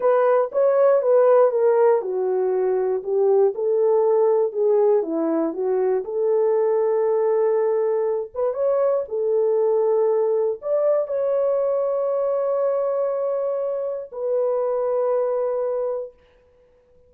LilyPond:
\new Staff \with { instrumentName = "horn" } { \time 4/4 \tempo 4 = 119 b'4 cis''4 b'4 ais'4 | fis'2 g'4 a'4~ | a'4 gis'4 e'4 fis'4 | a'1~ |
a'8 b'8 cis''4 a'2~ | a'4 d''4 cis''2~ | cis''1 | b'1 | }